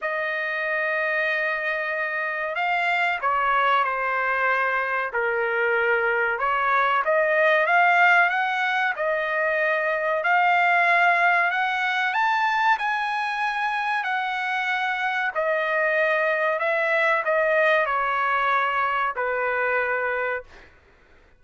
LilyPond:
\new Staff \with { instrumentName = "trumpet" } { \time 4/4 \tempo 4 = 94 dis''1 | f''4 cis''4 c''2 | ais'2 cis''4 dis''4 | f''4 fis''4 dis''2 |
f''2 fis''4 a''4 | gis''2 fis''2 | dis''2 e''4 dis''4 | cis''2 b'2 | }